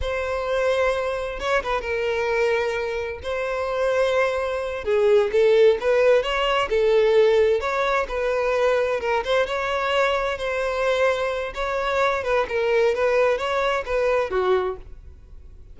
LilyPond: \new Staff \with { instrumentName = "violin" } { \time 4/4 \tempo 4 = 130 c''2. cis''8 b'8 | ais'2. c''4~ | c''2~ c''8 gis'4 a'8~ | a'8 b'4 cis''4 a'4.~ |
a'8 cis''4 b'2 ais'8 | c''8 cis''2 c''4.~ | c''4 cis''4. b'8 ais'4 | b'4 cis''4 b'4 fis'4 | }